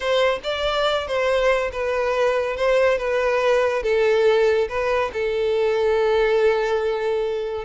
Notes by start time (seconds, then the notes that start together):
0.00 C5
0.43 D5
1.07 C5
1.72 B4
2.56 C5
2.97 B4
3.83 A4
4.68 B4
5.13 A4